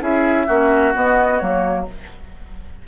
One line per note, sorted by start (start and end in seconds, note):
0.00 0.47 C#4
0.00 0.46 E4
0.00 0.47 G#4
0.00 0.94 E5
0.47 0.95 A#3
0.47 0.93 C#4
0.47 1.85 F#4
0.93 1.39 B3
0.93 1.41 B3
0.93 1.39 D#5
1.39 1.87 F#3
1.39 1.85 A#3
1.39 1.85 C#5